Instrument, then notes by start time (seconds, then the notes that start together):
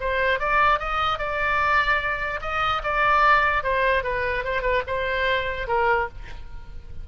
oboe
0.00 C5
0.39 D5
0.79 D#5
1.18 D5
2.42 D#5
2.83 D5
3.63 C5
4.04 B4
4.44 C5
4.62 B4
4.87 C5
5.68 A#4